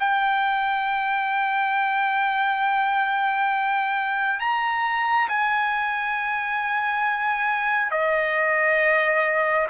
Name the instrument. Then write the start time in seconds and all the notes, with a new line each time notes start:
trumpet
0.00 G5
4.40 A#5
5.29 G#5
7.91 D#5